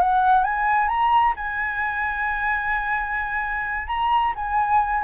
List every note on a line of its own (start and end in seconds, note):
0.00 0.44 F#5
0.44 0.88 G#5
0.88 1.34 A#5
1.37 3.88 G#5
3.88 4.33 A#5
4.36 5.04 G#5